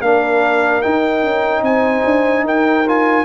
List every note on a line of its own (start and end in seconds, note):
0.00 0.82 A#3
0.00 0.83 D4
0.00 1.62 A#4
0.00 0.82 F5
0.82 2.85 D#4
0.82 1.23 D#4
0.82 1.63 G5
1.23 1.62 C#4
1.62 2.03 C4
1.62 2.45 C5
1.62 2.45 G#5
2.05 2.43 D4
2.43 3.24 D#4
2.43 3.25 A#4
2.43 2.88 G5
2.87 3.25 F4
2.87 3.25 G#5